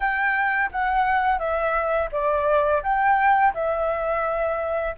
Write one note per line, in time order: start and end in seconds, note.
0.00 0.70 G5
0.71 1.38 F#5
1.38 2.09 E5
2.11 2.82 D5
2.82 3.53 G5
3.54 4.95 E5